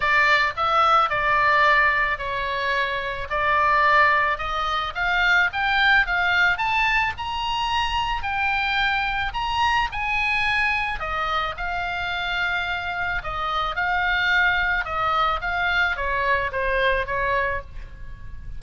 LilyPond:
\new Staff \with { instrumentName = "oboe" } { \time 4/4 \tempo 4 = 109 d''4 e''4 d''2 | cis''2 d''2 | dis''4 f''4 g''4 f''4 | a''4 ais''2 g''4~ |
g''4 ais''4 gis''2 | dis''4 f''2. | dis''4 f''2 dis''4 | f''4 cis''4 c''4 cis''4 | }